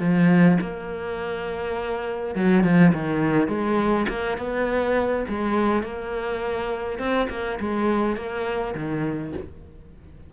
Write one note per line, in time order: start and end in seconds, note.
0.00 0.58 F3
0.61 2.35 A#3
2.35 2.64 F#3
2.64 2.93 F3
2.94 3.48 D#3
3.48 4.07 G#3
4.09 4.38 A#3
4.38 5.25 B3
5.29 5.83 G#3
5.83 6.99 A#3
6.99 7.28 C4
7.30 7.59 A#3
7.60 8.17 G#3
8.17 8.75 A#3
8.75 9.33 D#3